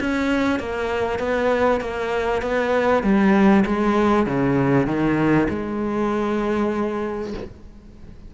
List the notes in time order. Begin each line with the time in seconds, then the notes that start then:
0.00 C#4
0.59 A#3
1.19 B3
1.81 A#3
2.42 B3
3.03 G3
3.65 G#3
4.26 C#3
4.86 D#3
5.49 G#3